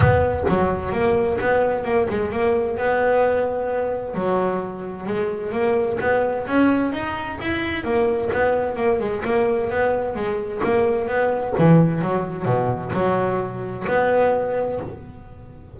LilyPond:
\new Staff \with { instrumentName = "double bass" } { \time 4/4 \tempo 4 = 130 b4 fis4 ais4 b4 | ais8 gis8 ais4 b2~ | b4 fis2 gis4 | ais4 b4 cis'4 dis'4 |
e'4 ais4 b4 ais8 gis8 | ais4 b4 gis4 ais4 | b4 e4 fis4 b,4 | fis2 b2 | }